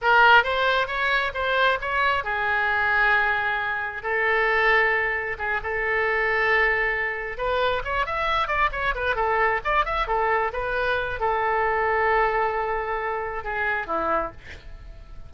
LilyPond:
\new Staff \with { instrumentName = "oboe" } { \time 4/4 \tempo 4 = 134 ais'4 c''4 cis''4 c''4 | cis''4 gis'2.~ | gis'4 a'2. | gis'8 a'2.~ a'8~ |
a'8 b'4 cis''8 e''4 d''8 cis''8 | b'8 a'4 d''8 e''8 a'4 b'8~ | b'4 a'2.~ | a'2 gis'4 e'4 | }